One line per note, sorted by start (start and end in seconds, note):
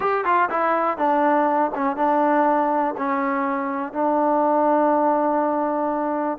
0.00 0.24 G4
0.24 0.49 F4
0.50 0.97 E4
0.97 1.71 D4
1.75 1.96 C#4
1.96 2.94 D4
2.97 3.92 C#4
3.92 6.38 D4